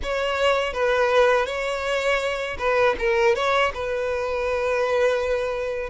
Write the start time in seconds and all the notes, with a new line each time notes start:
0.02 C#5
0.73 B4
1.46 C#5
2.58 B4
2.98 A#4
3.35 C#5
3.74 B4